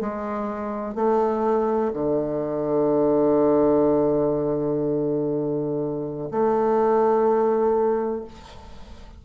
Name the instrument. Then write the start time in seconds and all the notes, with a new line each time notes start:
bassoon
0.00 G#3
0.95 A3
1.93 D3
6.31 A3